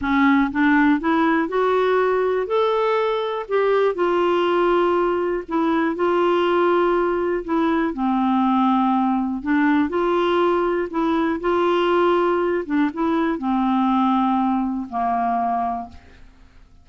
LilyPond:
\new Staff \with { instrumentName = "clarinet" } { \time 4/4 \tempo 4 = 121 cis'4 d'4 e'4 fis'4~ | fis'4 a'2 g'4 | f'2. e'4 | f'2. e'4 |
c'2. d'4 | f'2 e'4 f'4~ | f'4. d'8 e'4 c'4~ | c'2 ais2 | }